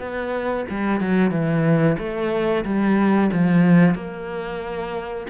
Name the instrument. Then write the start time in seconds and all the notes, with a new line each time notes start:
cello
0.00 B3
0.70 G3
1.01 F#3
1.32 E3
1.99 A3
2.65 G3
3.33 F3
3.95 A#3